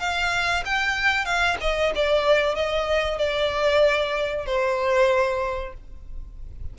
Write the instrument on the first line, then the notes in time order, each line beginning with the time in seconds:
violin
0.00 F5
0.66 G5
1.25 F5
1.61 D#5
1.96 D5
2.55 D#5
3.19 D5
4.46 C5